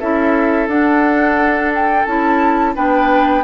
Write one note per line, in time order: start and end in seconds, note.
0.00 0.68 C#4
0.00 0.70 E4
0.00 2.76 A4
0.00 0.69 E5
0.68 2.06 D4
0.68 2.08 D4
0.68 1.73 F#5
1.75 2.06 G5
2.06 2.76 C#4
2.06 2.76 E4
2.06 2.75 A5
2.76 3.45 B3
2.76 3.45 D4
2.76 3.45 B4
2.76 3.45 G5